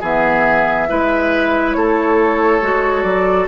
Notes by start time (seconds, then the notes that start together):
0.00 E3 B3 G#4 E5
0.88 G#3 E4 B4
1.72 A3 A4 C#5
2.62 G#3 F#4
3.02 F#3 D5